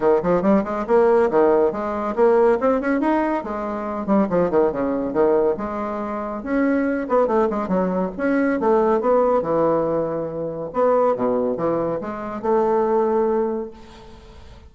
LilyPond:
\new Staff \with { instrumentName = "bassoon" } { \time 4/4 \tempo 4 = 140 dis8 f8 g8 gis8 ais4 dis4 | gis4 ais4 c'8 cis'8 dis'4 | gis4. g8 f8 dis8 cis4 | dis4 gis2 cis'4~ |
cis'8 b8 a8 gis8 fis4 cis'4 | a4 b4 e2~ | e4 b4 b,4 e4 | gis4 a2. | }